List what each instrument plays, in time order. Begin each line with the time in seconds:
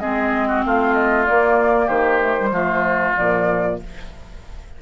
0.00 bassoon G#3, clarinet C4, oboe G#4, flute D#5
0.48 oboe F#4
0.65 bassoon A3, oboe F4, flute F5
0.94 flute D#5
1.26 clarinet A#3, bassoon A#3, flute D5
1.86 bassoon D#3, oboe G4, flute C5
2.21 clarinet A3
2.38 clarinet G3
2.51 bassoon F3, clarinet A3, oboe F4
3.15 bassoon A#2, clarinet F3, flute D5